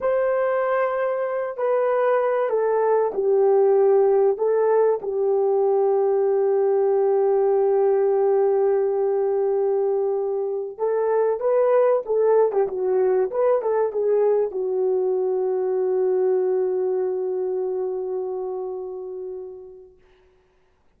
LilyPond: \new Staff \with { instrumentName = "horn" } { \time 4/4 \tempo 4 = 96 c''2~ c''8 b'4. | a'4 g'2 a'4 | g'1~ | g'1~ |
g'4~ g'16 a'4 b'4 a'8. | g'16 fis'4 b'8 a'8 gis'4 fis'8.~ | fis'1~ | fis'1 | }